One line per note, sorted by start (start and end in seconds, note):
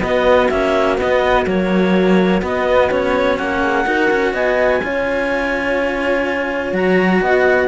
0.00 0.48 B3
0.00 0.51 B3
0.00 3.62 F#4
0.00 0.49 D#5
0.49 0.99 A#3
0.49 0.97 C#4
0.49 0.97 E5
0.97 1.45 B3
0.97 1.46 B3
0.97 1.46 D#5
1.46 2.42 F#3
1.46 2.42 A#3
1.46 2.43 C#5
2.42 2.90 B3
2.42 3.38 B3
2.42 2.91 D#5
2.91 3.85 C#4
2.91 3.37 C#5
3.37 3.86 A#3
3.37 4.33 F#5
3.62 3.85 G#4
3.85 4.10 D#4
3.85 4.80 F#4
3.85 4.34 A#4
4.11 4.33 C#4
4.33 4.81 B3
4.33 4.82 D#5
4.33 6.74 G#5
4.83 6.72 C#4
4.83 6.74 F4
4.83 7.22 C#5
6.72 7.20 F#3
6.72 7.68 F#4
6.72 7.22 A#5
7.21 7.68 B3
7.21 7.68 D#5
7.21 7.68 F#5